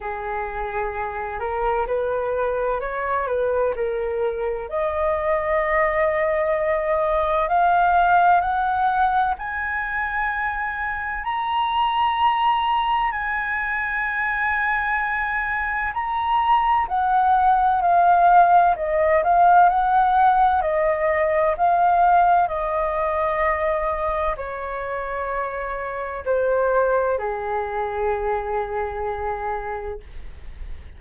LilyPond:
\new Staff \with { instrumentName = "flute" } { \time 4/4 \tempo 4 = 64 gis'4. ais'8 b'4 cis''8 b'8 | ais'4 dis''2. | f''4 fis''4 gis''2 | ais''2 gis''2~ |
gis''4 ais''4 fis''4 f''4 | dis''8 f''8 fis''4 dis''4 f''4 | dis''2 cis''2 | c''4 gis'2. | }